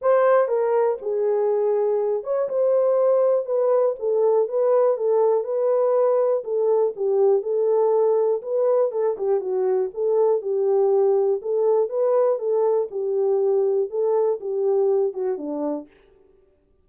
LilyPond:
\new Staff \with { instrumentName = "horn" } { \time 4/4 \tempo 4 = 121 c''4 ais'4 gis'2~ | gis'8 cis''8 c''2 b'4 | a'4 b'4 a'4 b'4~ | b'4 a'4 g'4 a'4~ |
a'4 b'4 a'8 g'8 fis'4 | a'4 g'2 a'4 | b'4 a'4 g'2 | a'4 g'4. fis'8 d'4 | }